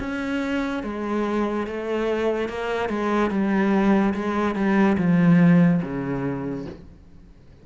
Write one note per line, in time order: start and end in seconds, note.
0.00 0.83 C#4
0.83 1.67 G#3
1.67 2.49 A3
2.49 2.89 A#3
2.89 3.30 G#3
3.30 4.14 G3
4.14 4.55 G#3
4.55 4.97 G3
4.98 5.81 F3
5.82 6.66 C#3